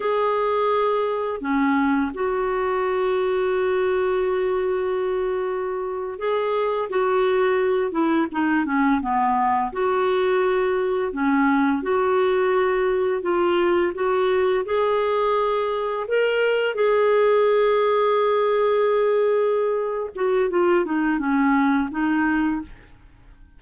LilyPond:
\new Staff \with { instrumentName = "clarinet" } { \time 4/4 \tempo 4 = 85 gis'2 cis'4 fis'4~ | fis'1~ | fis'8. gis'4 fis'4. e'8 dis'16~ | dis'16 cis'8 b4 fis'2 cis'16~ |
cis'8. fis'2 f'4 fis'16~ | fis'8. gis'2 ais'4 gis'16~ | gis'1~ | gis'8 fis'8 f'8 dis'8 cis'4 dis'4 | }